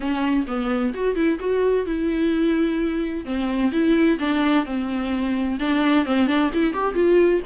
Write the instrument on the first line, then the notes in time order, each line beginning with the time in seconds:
viola
0.00 C#4
0.47 B3
0.93 F#4
1.15 E4
1.39 F#4
1.86 E4
3.25 C4
3.72 E4
4.19 D4
4.65 C4
5.59 D4
6.05 C4
6.27 D4
6.53 E4
6.73 G4
6.94 F4